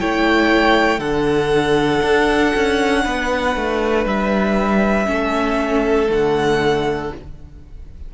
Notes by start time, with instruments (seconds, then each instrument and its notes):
0.00 cello A3, viola E4, violin C#5 G5
0.99 cello D3, viola D4, violin A4 F#5
2.03 cello D4
2.56 cello C#4
3.04 cello B3, violin B4
3.56 cello A3
4.06 cello G3, violin E5
5.06 cello A3, viola C#4, violin A4
6.08 cello D3, viola A3, violin F#5